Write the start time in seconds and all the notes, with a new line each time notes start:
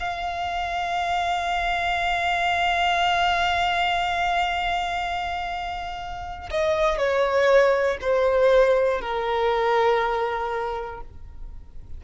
0.00 F5
6.50 D#5
6.98 C#5
8.01 C5
9.01 A#4